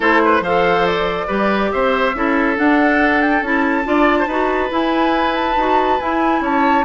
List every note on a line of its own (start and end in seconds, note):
0.00 0.40 A3
0.00 0.43 E4
0.00 0.21 A4
0.00 0.44 C5
0.24 0.43 B4
0.40 1.26 F3
0.40 1.28 A4
0.40 1.27 C5
0.40 0.86 F5
0.86 1.71 D5
1.27 1.72 G3
1.27 2.13 G4
1.27 1.70 B4
1.71 2.14 C4
1.71 2.16 C5
1.71 2.57 E5
2.14 2.57 C#4
2.14 2.56 E4
2.14 3.87 A4
2.56 3.42 D4
2.56 3.21 F#5
3.21 3.42 G5
3.42 3.84 C#4
3.42 3.84 E4
3.42 4.72 A5
3.84 4.27 D4
3.84 4.26 F4
3.84 4.19 D5
4.19 4.27 C5
4.27 4.69 D#4
4.27 4.69 F#4
4.27 6.41 B4
4.69 5.55 E4
4.69 5.56 E4
4.69 5.35 G#5
5.35 5.99 A5
5.56 5.99 D#4
5.56 6.00 F#4
5.99 6.85 E4
5.99 6.40 E4
5.99 6.42 G#5
6.40 6.83 C#4
6.40 6.85 C#5
6.40 6.85 A5